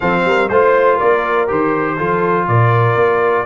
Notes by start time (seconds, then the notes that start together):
0.00 F3 C4 A4 F5
0.24 G3 A#4
0.48 A3 F4 C5
0.96 A#3 A#4 D5
1.47 D#3 G4 C5
1.96 F3 F4 A4
2.47 A#2 A#4 D5
2.95 A#3